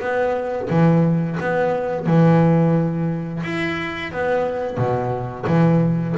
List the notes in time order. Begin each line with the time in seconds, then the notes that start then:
0.00 B3
0.69 E3
1.40 B3
2.06 E3
3.43 E4
4.11 B3
4.77 B2
5.47 E3